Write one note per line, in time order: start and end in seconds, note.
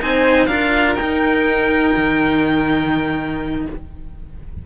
0.00 0.47 C4
0.00 0.48 D#4
0.00 0.48 C5
0.00 0.46 G#5
0.46 0.95 D4
0.46 0.97 F4
0.46 3.62 A#4
0.46 0.94 F5
0.95 1.92 D#4
0.95 3.66 D#4
0.95 3.62 G5
1.97 3.66 D#3